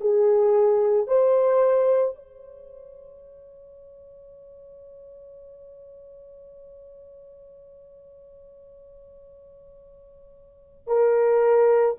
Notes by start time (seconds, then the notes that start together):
0.00 G#4
1.07 C5
2.15 C#5
10.87 A#4